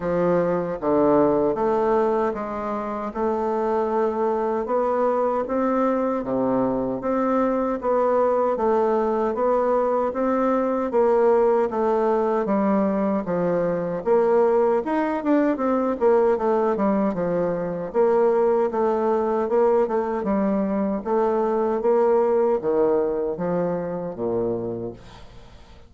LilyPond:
\new Staff \with { instrumentName = "bassoon" } { \time 4/4 \tempo 4 = 77 f4 d4 a4 gis4 | a2 b4 c'4 | c4 c'4 b4 a4 | b4 c'4 ais4 a4 |
g4 f4 ais4 dis'8 d'8 | c'8 ais8 a8 g8 f4 ais4 | a4 ais8 a8 g4 a4 | ais4 dis4 f4 ais,4 | }